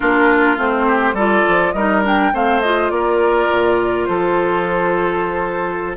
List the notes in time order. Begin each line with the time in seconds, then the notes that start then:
0.00 A#3 D4 F4 A#4
0.57 A3 C4 C5
0.86 G4
1.13 G3 F4 A4 D5
1.48 F3
1.72 G3 D#4 A#4 D#5
2.03 D4 G5
2.33 A3 C4 C5 F5
2.61 F4 D#5
2.90 A#3 A#4 D5
3.50 A#2
4.05 F3 A4 C5